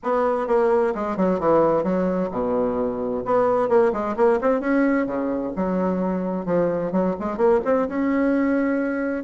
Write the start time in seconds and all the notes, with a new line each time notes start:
0.03 B3
0.47 A#3
0.94 G#3
1.16 F#3
1.39 E3
1.83 F#3
2.31 B2
3.25 B3
3.69 A#3
3.92 G#3
4.16 A#3
4.41 C4
4.60 C#4
5.06 C#3
5.56 F#3
6.45 F3
6.92 F#3
7.19 G#3
7.37 A#3
7.64 C4
7.88 C#4